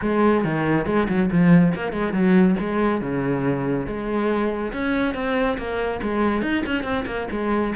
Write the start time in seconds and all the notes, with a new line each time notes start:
0.01 G#3
0.44 D#3
0.86 G#3
1.08 F#3
1.31 F3
1.74 A#3
1.92 G#3
2.12 F#3
2.59 G#3
3.01 C#3
3.86 G#3
4.72 C#4
5.14 C4
5.57 A#3
6.02 G#3
6.42 D#4
6.65 C#4
6.83 C4
7.06 A#3
7.31 G#3